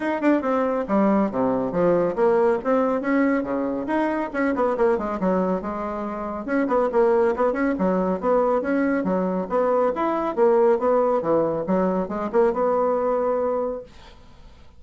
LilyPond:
\new Staff \with { instrumentName = "bassoon" } { \time 4/4 \tempo 4 = 139 dis'8 d'8 c'4 g4 c4 | f4 ais4 c'4 cis'4 | cis4 dis'4 cis'8 b8 ais8 gis8 | fis4 gis2 cis'8 b8 |
ais4 b8 cis'8 fis4 b4 | cis'4 fis4 b4 e'4 | ais4 b4 e4 fis4 | gis8 ais8 b2. | }